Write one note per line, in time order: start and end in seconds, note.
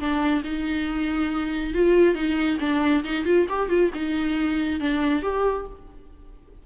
0.00 0.43 D4
0.44 1.75 D#4
1.75 2.15 F4
2.15 2.59 D#4
2.61 3.04 D4
3.05 3.26 D#4
3.26 3.47 F4
3.50 3.70 G4
3.70 3.92 F4
3.94 4.80 D#4
4.80 5.23 D4
5.23 5.66 G4